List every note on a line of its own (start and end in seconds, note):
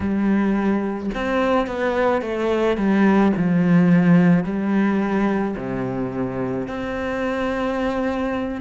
0.00 1.10 G3
1.14 1.67 C4
1.67 2.21 B3
2.21 2.77 A3
2.77 3.32 G3
3.36 4.43 F3
4.43 5.55 G3
5.56 6.67 C3
6.67 8.61 C4